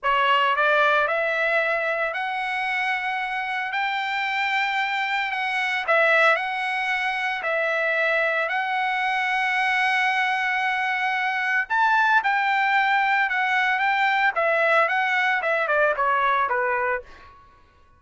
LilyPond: \new Staff \with { instrumentName = "trumpet" } { \time 4/4 \tempo 4 = 113 cis''4 d''4 e''2 | fis''2. g''4~ | g''2 fis''4 e''4 | fis''2 e''2 |
fis''1~ | fis''2 a''4 g''4~ | g''4 fis''4 g''4 e''4 | fis''4 e''8 d''8 cis''4 b'4 | }